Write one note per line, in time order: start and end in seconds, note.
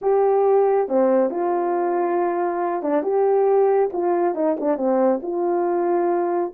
0.01 0.88 G4
0.88 1.30 C4
1.30 2.82 F4
2.82 3.02 D4
3.02 3.89 G4
3.92 4.35 F4
4.35 4.56 D#4
4.60 4.77 D4
4.77 5.20 C4
5.22 6.52 F4